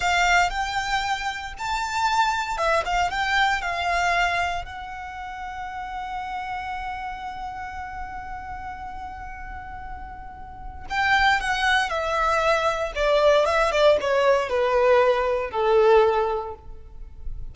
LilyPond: \new Staff \with { instrumentName = "violin" } { \time 4/4 \tempo 4 = 116 f''4 g''2 a''4~ | a''4 e''8 f''8 g''4 f''4~ | f''4 fis''2.~ | fis''1~ |
fis''1~ | fis''4 g''4 fis''4 e''4~ | e''4 d''4 e''8 d''8 cis''4 | b'2 a'2 | }